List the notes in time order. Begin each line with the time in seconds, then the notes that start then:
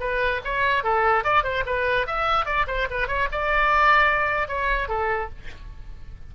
0.00 B4
0.45 C#5
0.83 A4
1.24 D5
1.44 C5
1.66 B4
2.07 E5
2.46 D5
2.67 C5
2.90 B4
3.08 C#5
3.32 D5
4.48 C#5
4.88 A4